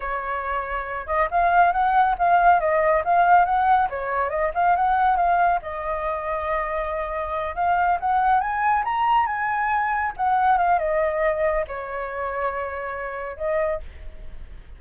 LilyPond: \new Staff \with { instrumentName = "flute" } { \time 4/4 \tempo 4 = 139 cis''2~ cis''8 dis''8 f''4 | fis''4 f''4 dis''4 f''4 | fis''4 cis''4 dis''8 f''8 fis''4 | f''4 dis''2.~ |
dis''4. f''4 fis''4 gis''8~ | gis''8 ais''4 gis''2 fis''8~ | fis''8 f''8 dis''2 cis''4~ | cis''2. dis''4 | }